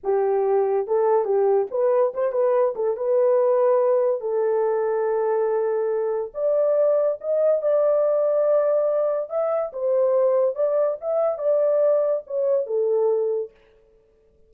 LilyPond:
\new Staff \with { instrumentName = "horn" } { \time 4/4 \tempo 4 = 142 g'2 a'4 g'4 | b'4 c''8 b'4 a'8 b'4~ | b'2 a'2~ | a'2. d''4~ |
d''4 dis''4 d''2~ | d''2 e''4 c''4~ | c''4 d''4 e''4 d''4~ | d''4 cis''4 a'2 | }